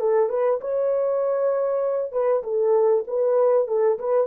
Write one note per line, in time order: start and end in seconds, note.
0.00 0.29 A4
0.29 0.60 B4
0.61 2.12 C#5
2.12 2.43 B4
2.43 3.04 A4
3.07 3.68 B4
3.68 3.99 A4
3.99 4.27 B4